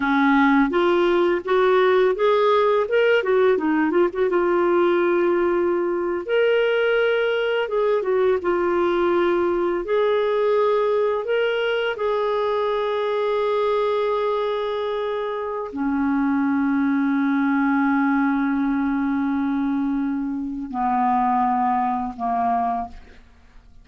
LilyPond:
\new Staff \with { instrumentName = "clarinet" } { \time 4/4 \tempo 4 = 84 cis'4 f'4 fis'4 gis'4 | ais'8 fis'8 dis'8 f'16 fis'16 f'2~ | f'8. ais'2 gis'8 fis'8 f'16~ | f'4.~ f'16 gis'2 ais'16~ |
ais'8. gis'2.~ gis'16~ | gis'2 cis'2~ | cis'1~ | cis'4 b2 ais4 | }